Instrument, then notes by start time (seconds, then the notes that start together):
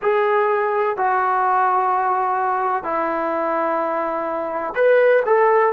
trombone
0.02 G#4
0.97 F#4
2.83 E4
4.74 B4
5.26 A4